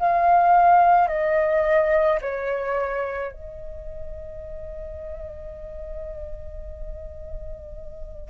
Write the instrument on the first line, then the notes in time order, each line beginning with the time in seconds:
flute
0.00 F5
1.08 D#5
2.22 C#5
3.32 D#5